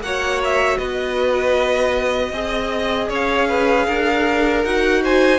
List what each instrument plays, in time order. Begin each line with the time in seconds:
0.00 cello A#3, viola F#4, violin C#5 F#5
0.44 violin E5
0.77 cello B3, violin B4 D#5
2.32 cello C4, viola G#4, violin D#5
3.09 cello C#4, violin C#5 F5
3.48 violin B4
3.87 cello D4, violin A#4
4.63 cello D#4, viola F#4, violin F#5
5.02 violin C5 G#5